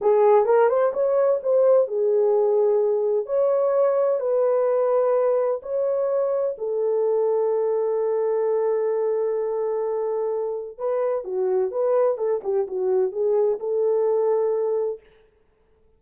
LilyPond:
\new Staff \with { instrumentName = "horn" } { \time 4/4 \tempo 4 = 128 gis'4 ais'8 c''8 cis''4 c''4 | gis'2. cis''4~ | cis''4 b'2. | cis''2 a'2~ |
a'1~ | a'2. b'4 | fis'4 b'4 a'8 g'8 fis'4 | gis'4 a'2. | }